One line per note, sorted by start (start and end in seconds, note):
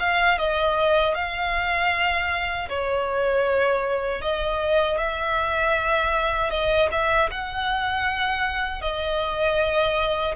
0.00 0.38 F5
0.38 1.15 D#5
1.15 2.69 F5
2.70 4.22 C#5
4.22 4.99 D#5
4.99 6.51 E5
6.51 6.90 D#5
6.92 7.30 E5
7.31 8.82 F#5
8.82 10.36 D#5